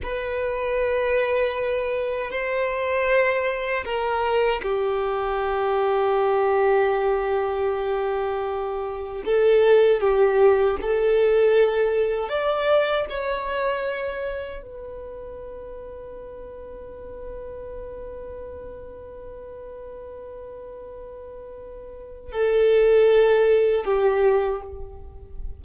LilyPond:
\new Staff \with { instrumentName = "violin" } { \time 4/4 \tempo 4 = 78 b'2. c''4~ | c''4 ais'4 g'2~ | g'1 | a'4 g'4 a'2 |
d''4 cis''2 b'4~ | b'1~ | b'1~ | b'4 a'2 g'4 | }